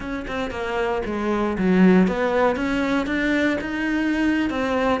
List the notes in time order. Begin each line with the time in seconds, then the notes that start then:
0.00 C#4
0.27 C4
0.50 A#3
1.05 G#3
1.58 F#3
2.07 B3
2.55 C#4
3.06 D4
3.60 D#4
4.49 C4